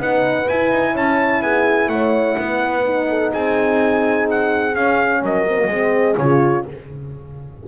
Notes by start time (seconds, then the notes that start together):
0.00 B3 D#4 B4 F#5
0.49 E4 G#5
0.72 D#4
0.93 C#4 C#5 A5
1.42 B3 G#4 G#5
1.89 A3 C#5 F#5
2.37 B3 B4
2.85 D#4
3.10 A4
3.32 C4 G#4 G#5
4.31 F#5
4.76 C#4 F5
5.22 F#3 A#4 D#5
5.49 C4
5.58 A#3
5.68 G#3 C4 G#4
6.18 C#3 F4 C#5